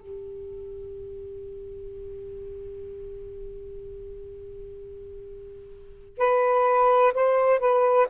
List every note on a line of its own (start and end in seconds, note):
0.00 6.18 G4
6.18 7.13 B4
7.14 7.59 C5
7.59 8.07 B4